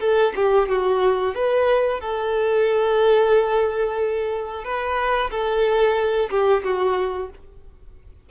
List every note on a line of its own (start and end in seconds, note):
0.00 0.33 A4
0.36 0.69 G4
0.69 1.35 F#4
1.35 2.00 B4
2.00 4.64 A4
4.64 5.30 B4
5.31 6.30 A4
6.30 6.63 G4
6.64 7.30 F#4